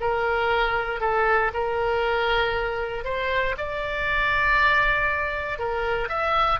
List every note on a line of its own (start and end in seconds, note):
0.00 1.00 A#4
1.00 1.51 A4
1.53 3.04 A#4
3.04 3.55 C5
3.58 5.58 D5
5.58 6.08 A#4
6.08 6.59 E5